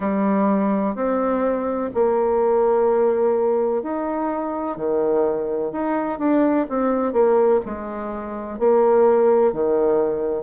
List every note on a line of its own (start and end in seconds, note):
0.00 0.95 G3
0.95 1.90 C4
1.94 3.82 A#3
3.82 4.77 D#4
4.77 5.71 D#3
5.71 6.19 D#4
6.19 6.66 D4
6.69 7.12 C4
7.12 7.60 A#3
7.65 8.58 G#3
8.58 9.52 A#3
9.52 10.43 D#3